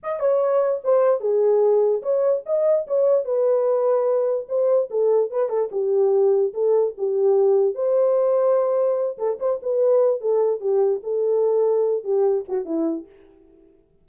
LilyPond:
\new Staff \with { instrumentName = "horn" } { \time 4/4 \tempo 4 = 147 dis''8 cis''4. c''4 gis'4~ | gis'4 cis''4 dis''4 cis''4 | b'2. c''4 | a'4 b'8 a'8 g'2 |
a'4 g'2 c''4~ | c''2~ c''8 a'8 c''8 b'8~ | b'4 a'4 g'4 a'4~ | a'4. g'4 fis'8 e'4 | }